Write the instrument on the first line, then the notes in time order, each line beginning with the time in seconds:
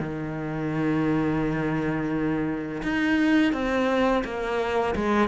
cello
0.00 D#3
2.84 D#4
3.53 C4
4.25 A#3
4.96 G#3